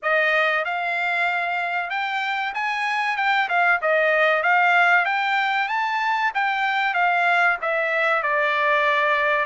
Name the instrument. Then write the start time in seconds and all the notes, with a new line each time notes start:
trumpet
0.02 D#5
0.64 F5
1.90 G5
2.54 G#5
3.17 G5
3.48 F5
3.81 D#5
4.42 F5
5.05 G5
5.68 A5
6.34 G5
6.94 F5
7.61 E5
8.22 D5